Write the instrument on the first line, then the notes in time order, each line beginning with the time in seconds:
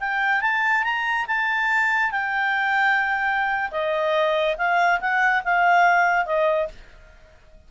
clarinet
0.00 G5
0.41 A5
0.83 A#5
1.27 A5
2.11 G5
3.71 D#5
4.57 F5
5.00 F#5
5.44 F5
6.26 D#5